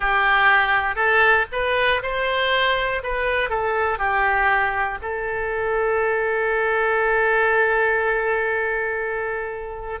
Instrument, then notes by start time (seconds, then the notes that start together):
oboe
0.00 G4
0.95 A4
1.52 B4
2.02 C5
3.03 B4
3.49 A4
3.98 G4
5.02 A4